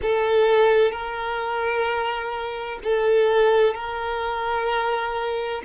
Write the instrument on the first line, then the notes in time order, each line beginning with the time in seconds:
violin
0.02 A4
0.91 A#4
2.83 A4
3.74 A#4